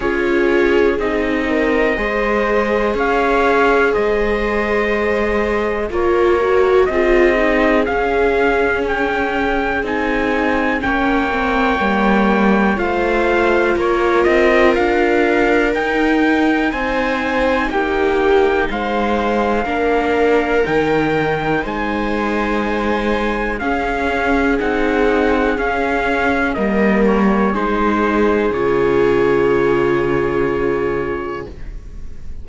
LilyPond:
<<
  \new Staff \with { instrumentName = "trumpet" } { \time 4/4 \tempo 4 = 61 cis''4 dis''2 f''4 | dis''2 cis''4 dis''4 | f''4 g''4 gis''4 g''4~ | g''4 f''4 cis''8 dis''8 f''4 |
g''4 gis''4 g''4 f''4~ | f''4 g''4 gis''2 | f''4 fis''4 f''4 dis''8 cis''8 | c''4 cis''2. | }
  \new Staff \with { instrumentName = "viola" } { \time 4/4 gis'4. ais'8 c''4 cis''4 | c''2 ais'4 gis'4~ | gis'2. cis''4~ | cis''4 c''4 ais'2~ |
ais'4 c''4 g'4 c''4 | ais'2 c''2 | gis'2. ais'4 | gis'1 | }
  \new Staff \with { instrumentName = "viola" } { \time 4/4 f'4 dis'4 gis'2~ | gis'2 f'8 fis'8 f'8 dis'8 | cis'2 dis'4 cis'8 c'8 | ais4 f'2. |
dis'1 | d'4 dis'2. | cis'4 dis'4 cis'4 ais4 | dis'4 f'2. | }
  \new Staff \with { instrumentName = "cello" } { \time 4/4 cis'4 c'4 gis4 cis'4 | gis2 ais4 c'4 | cis'2 c'4 ais4 | g4 a4 ais8 c'8 d'4 |
dis'4 c'4 ais4 gis4 | ais4 dis4 gis2 | cis'4 c'4 cis'4 g4 | gis4 cis2. | }
>>